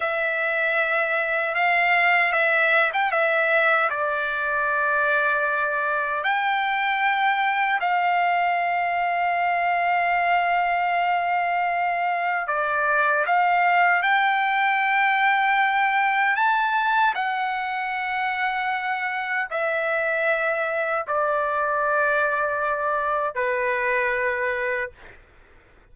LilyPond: \new Staff \with { instrumentName = "trumpet" } { \time 4/4 \tempo 4 = 77 e''2 f''4 e''8. g''16 | e''4 d''2. | g''2 f''2~ | f''1 |
d''4 f''4 g''2~ | g''4 a''4 fis''2~ | fis''4 e''2 d''4~ | d''2 b'2 | }